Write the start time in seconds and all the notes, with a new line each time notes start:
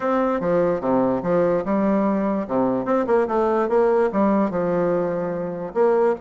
0.00 C4
0.40 F3
0.80 C3
1.22 F3
1.64 G3
2.47 C3
2.85 C4
3.06 A#3
3.27 A3
3.69 A#3
4.12 G3
4.50 F3
5.74 A#3